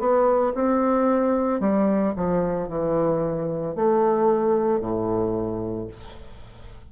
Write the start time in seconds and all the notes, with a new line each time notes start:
0.00 B3
0.55 C4
1.60 G3
2.16 F3
2.68 E3
3.76 A3
4.80 A2